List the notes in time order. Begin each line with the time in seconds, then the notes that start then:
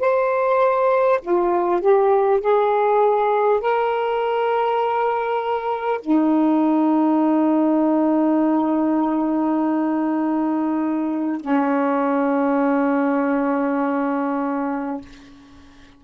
0.00 C5
1.22 F4
1.81 G4
2.41 G#4
3.61 A#4
6.02 D#4
11.41 C#4